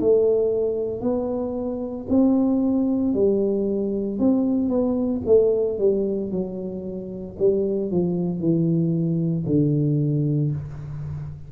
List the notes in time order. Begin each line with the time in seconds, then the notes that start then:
0.00 A3
1.01 B3
2.09 C4
3.13 G3
4.19 C4
4.69 B3
5.26 A3
5.78 G3
6.31 F#3
7.38 G3
7.91 F3
8.40 E3
9.46 D3